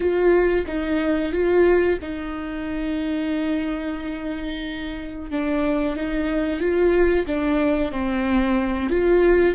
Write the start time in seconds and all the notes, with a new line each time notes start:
0.00 F4
0.66 D#4
1.32 F4
2.01 D#4
5.30 D4
5.96 D#4
6.59 F4
7.26 D4
7.91 C4
8.89 F4